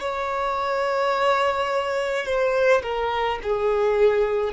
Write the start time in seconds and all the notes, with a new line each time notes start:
0.00 C#5
2.25 C5
2.83 A#4
3.43 G#4